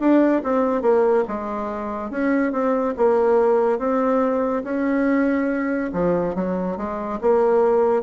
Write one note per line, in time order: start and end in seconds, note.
0.00 0.42 D4
0.43 0.82 C4
0.82 1.24 A#3
1.28 2.10 G#3
2.10 2.52 C#4
2.52 2.94 C4
2.97 3.78 A#3
3.78 4.63 C4
4.64 5.90 C#4
5.93 6.35 F3
6.35 6.77 F#3
6.77 7.19 G#3
7.21 8.02 A#3